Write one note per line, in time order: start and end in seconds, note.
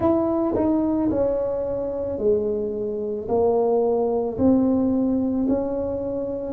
0.00 0.55 E4
0.55 1.09 D#4
1.10 2.18 C#4
2.18 3.27 G#3
3.28 4.37 A#3
4.37 5.46 C4
5.48 6.53 C#4